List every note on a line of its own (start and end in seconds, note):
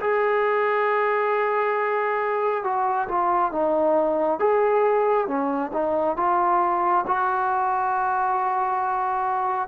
0.00 2.64 G#4
2.64 3.08 F#4
3.08 3.52 F4
3.52 4.39 D#4
4.39 5.27 G#4
5.27 5.72 C#4
5.73 6.16 D#4
6.16 7.05 F4
7.07 9.68 F#4